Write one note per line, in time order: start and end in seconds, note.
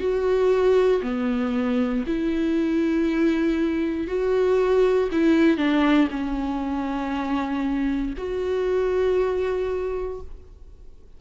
0.00 1.02 F#4
1.03 2.04 B3
2.07 4.08 E4
4.08 5.09 F#4
5.12 5.57 E4
5.57 6.08 D4
6.11 8.14 C#4
8.17 10.21 F#4